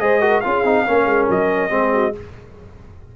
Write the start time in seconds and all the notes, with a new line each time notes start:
0.00 G#3 G#4 C5 D#5
0.21 F#4 A#4
0.41 C#4 F4 G#4 F5
0.64 C4 D#4
0.87 A#3 C#4 A#4
1.06 G#3
1.30 F#3 D#5
1.70 G#3 C4 G#4
1.94 F#4